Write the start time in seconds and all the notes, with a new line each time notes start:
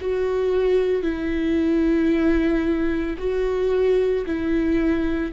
0.00 F#4
1.02 E4
3.18 F#4
4.26 E4